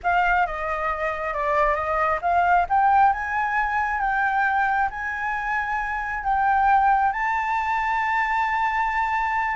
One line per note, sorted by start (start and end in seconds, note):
0.03 0.46 F5
0.46 1.33 D#5
1.33 1.74 D5
1.74 2.19 D#5
2.21 2.66 F5
2.69 3.12 G5
3.12 4.00 G#5
4.00 4.89 G5
4.90 6.23 G#5
6.23 7.12 G5
7.12 9.56 A5